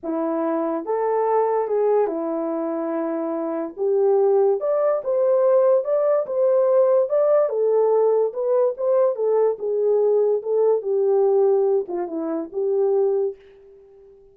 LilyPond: \new Staff \with { instrumentName = "horn" } { \time 4/4 \tempo 4 = 144 e'2 a'2 | gis'4 e'2.~ | e'4 g'2 d''4 | c''2 d''4 c''4~ |
c''4 d''4 a'2 | b'4 c''4 a'4 gis'4~ | gis'4 a'4 g'2~ | g'8 f'8 e'4 g'2 | }